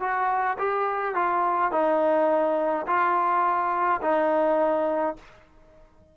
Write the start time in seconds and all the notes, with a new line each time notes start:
0.00 F#4
0.58 G4
1.15 F4
1.71 D#4
2.86 F4
4.02 D#4